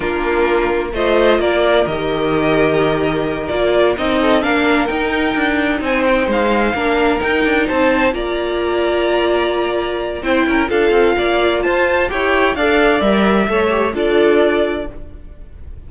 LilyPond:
<<
  \new Staff \with { instrumentName = "violin" } { \time 4/4 \tempo 4 = 129 ais'2 dis''4 d''4 | dis''2.~ dis''8 d''8~ | d''8 dis''4 f''4 g''4.~ | g''8 gis''8 g''8 f''2 g''8~ |
g''8 a''4 ais''2~ ais''8~ | ais''2 g''4 f''4~ | f''4 a''4 g''4 f''4 | e''2 d''2 | }
  \new Staff \with { instrumentName = "violin" } { \time 4/4 f'2 c''4 ais'4~ | ais'1~ | ais'4 a'8 ais'2~ ais'8~ | ais'8 c''2 ais'4.~ |
ais'8 c''4 d''2~ d''8~ | d''2 c''8 ais'8 a'4 | d''4 c''4 cis''4 d''4~ | d''4 cis''4 a'2 | }
  \new Staff \with { instrumentName = "viola" } { \time 4/4 d'2 f'2 | g'2.~ g'8 f'8~ | f'8 dis'4 d'4 dis'4.~ | dis'2~ dis'8 d'4 dis'8~ |
dis'4. f'2~ f'8~ | f'2 e'4 f'4~ | f'2 g'4 a'4 | ais'4 a'8 g'8 f'2 | }
  \new Staff \with { instrumentName = "cello" } { \time 4/4 ais2 a4 ais4 | dis2.~ dis8 ais8~ | ais8 c'4 ais4 dis'4 d'8~ | d'8 c'4 gis4 ais4 dis'8 |
d'8 c'4 ais2~ ais8~ | ais2 c'8 cis'8 d'8 c'8 | ais4 f'4 e'4 d'4 | g4 a4 d'2 | }
>>